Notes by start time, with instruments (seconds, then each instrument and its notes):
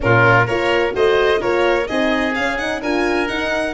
0.00 tuba A#2, horn C#4, oboe F4, violin A#4
0.46 tuba A#3, horn F4, oboe A#4, violin C#5
0.92 tuba A3, horn F#4, oboe C5, violin D#5
1.39 tuba A#3, horn F4, oboe A#4, violin C#5
1.87 tuba C4, horn D#4, oboe G#4, violin D#5
2.34 tuba C#4, horn C#4, violin F5
2.57 horn D#4, violin F#5
2.81 tuba D4, horn F4, oboe A#4, violin G#5
3.27 horn D#4, tuba D#4, violin F#5